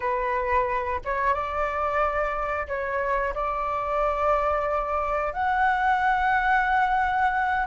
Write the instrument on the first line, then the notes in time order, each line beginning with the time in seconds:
flute
0.00 B4
1.04 C#5
1.33 D5
2.67 C#5
3.34 D5
5.33 F#5